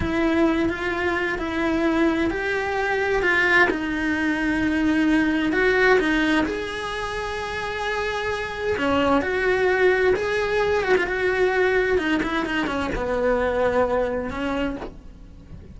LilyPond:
\new Staff \with { instrumentName = "cello" } { \time 4/4 \tempo 4 = 130 e'4. f'4. e'4~ | e'4 g'2 f'4 | dis'1 | fis'4 dis'4 gis'2~ |
gis'2. cis'4 | fis'2 gis'4. fis'16 f'16 | fis'2 dis'8 e'8 dis'8 cis'8 | b2. cis'4 | }